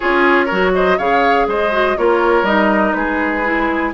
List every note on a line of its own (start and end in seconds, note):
0.00 0.51 C#4
0.00 0.49 F4
0.00 0.45 G#4
0.00 0.73 C#5
0.45 0.98 F#3
0.45 0.98 F#4
0.45 0.70 A#4
0.74 0.97 C5
0.74 0.98 D#5
0.97 1.47 C#3
0.97 1.71 G#4
0.97 1.46 C#5
0.97 1.47 F5
1.47 1.96 G#3
1.47 1.97 C5
1.47 1.97 D#5
1.71 1.96 F#4
1.97 2.42 A#3
1.97 2.45 F4
1.97 2.96 A#4
1.97 2.45 C#5
2.42 2.92 G3
2.42 3.44 D#4
2.42 2.93 D#5
2.93 3.93 G#3
2.93 3.94 G#4
2.93 3.91 B4
3.44 3.93 E4